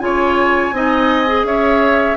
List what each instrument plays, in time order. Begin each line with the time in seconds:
0.00 bassoon C#3, clarinet F4, oboe C#5, flute G#5
0.72 bassoon C4, clarinet D#4, oboe D#5
1.27 clarinet G#4
1.44 bassoon C#4, oboe C#5, flute E5